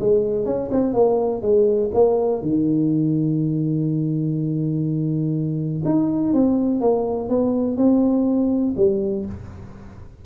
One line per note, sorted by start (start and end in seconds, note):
0.00 0.45 G#3
0.45 0.70 C#4
0.72 0.94 C4
0.94 1.42 A#3
1.42 1.91 G#3
1.94 2.42 A#3
2.42 5.83 D#3
5.85 6.34 D#4
6.34 6.81 C4
6.81 7.29 A#3
7.29 7.77 B3
7.77 8.75 C4
8.77 9.25 G3